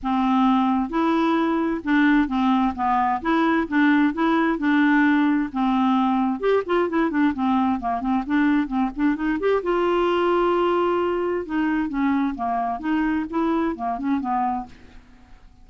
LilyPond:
\new Staff \with { instrumentName = "clarinet" } { \time 4/4 \tempo 4 = 131 c'2 e'2 | d'4 c'4 b4 e'4 | d'4 e'4 d'2 | c'2 g'8 f'8 e'8 d'8 |
c'4 ais8 c'8 d'4 c'8 d'8 | dis'8 g'8 f'2.~ | f'4 dis'4 cis'4 ais4 | dis'4 e'4 ais8 cis'8 b4 | }